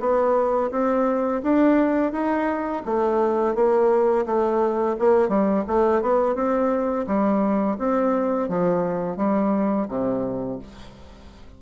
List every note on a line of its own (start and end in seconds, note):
0.00 0.71 B3
0.71 1.42 C4
1.43 2.12 D4
2.12 2.83 D#4
2.86 3.55 A3
3.55 4.26 A#3
4.26 4.96 A3
4.99 5.29 A#3
5.29 5.64 G3
5.68 6.02 A3
6.02 6.35 B3
6.35 7.06 C4
7.07 7.78 G3
7.78 8.49 C4
8.49 9.17 F3
9.17 9.88 G3
9.89 10.59 C3